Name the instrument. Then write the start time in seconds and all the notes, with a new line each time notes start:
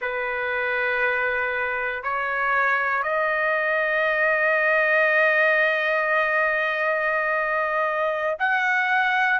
trumpet
0.01 B4
2.03 C#5
3.02 D#5
8.39 F#5